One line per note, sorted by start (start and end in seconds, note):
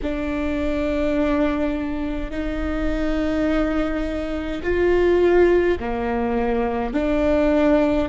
0.02 2.31 D4
2.31 4.62 D#4
4.63 5.78 F4
5.80 6.93 A#3
6.93 8.08 D4